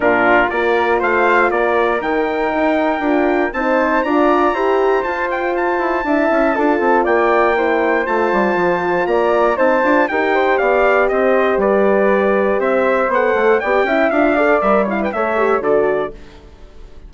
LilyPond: <<
  \new Staff \with { instrumentName = "trumpet" } { \time 4/4 \tempo 4 = 119 ais'4 d''4 f''4 d''4 | g''2. a''4 | ais''2 a''8 g''8 a''4~ | a''2 g''2 |
a''2 ais''4 a''4 | g''4 f''4 dis''4 d''4~ | d''4 e''4 fis''4 g''4 | f''4 e''8 f''16 g''16 e''4 d''4 | }
  \new Staff \with { instrumentName = "flute" } { \time 4/4 f'4 ais'4 c''4 ais'4~ | ais'2. c''4 | d''4 c''2. | e''4 a'4 d''4 c''4~ |
c''2 d''4 c''4 | ais'8 c''8 d''4 c''4 b'4~ | b'4 c''2 d''8 e''8~ | e''8 d''4 cis''16 b'16 cis''4 a'4 | }
  \new Staff \with { instrumentName = "horn" } { \time 4/4 d'4 f'2. | dis'2 f'4 dis'4 | f'4 g'4 f'2 | e'4 f'2 e'4 |
f'2. dis'8 f'8 | g'1~ | g'2 a'4 g'8 e'8 | f'8 a'8 ais'8 e'8 a'8 g'8 fis'4 | }
  \new Staff \with { instrumentName = "bassoon" } { \time 4/4 ais,4 ais4 a4 ais4 | dis4 dis'4 d'4 c'4 | d'4 e'4 f'4. e'8 | d'8 cis'8 d'8 c'8 ais2 |
a8 g8 f4 ais4 c'8 d'8 | dis'4 b4 c'4 g4~ | g4 c'4 b8 a8 b8 cis'8 | d'4 g4 a4 d4 | }
>>